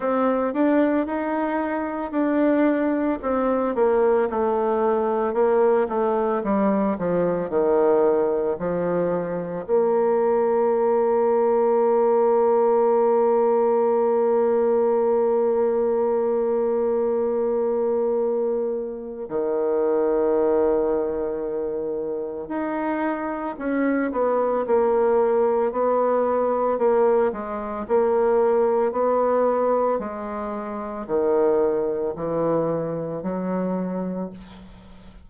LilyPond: \new Staff \with { instrumentName = "bassoon" } { \time 4/4 \tempo 4 = 56 c'8 d'8 dis'4 d'4 c'8 ais8 | a4 ais8 a8 g8 f8 dis4 | f4 ais2.~ | ais1~ |
ais2 dis2~ | dis4 dis'4 cis'8 b8 ais4 | b4 ais8 gis8 ais4 b4 | gis4 dis4 e4 fis4 | }